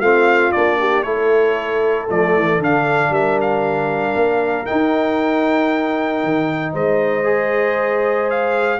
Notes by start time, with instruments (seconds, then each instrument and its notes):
0.00 tuba A3, trombone C4, horn F4, trumpet F5
0.52 tuba A#3, trombone D4, trumpet D5
0.79 horn G4
1.03 tuba A3, trombone E4, horn A4, trumpet C#5
2.09 tuba F3, trombone A3, trumpet D5
2.35 tuba E3
2.59 tuba D3, trombone D4, trumpet F5
3.09 tuba G3, horn A#4, trumpet E5
3.41 trumpet F5
4.15 tuba A#3
4.65 trombone D#4, trumpet G5
4.71 tuba D#4
6.24 tuba D#3
6.72 tuba G#3, horn C5, trumpet D#5
7.24 trombone G#4
8.30 trumpet F5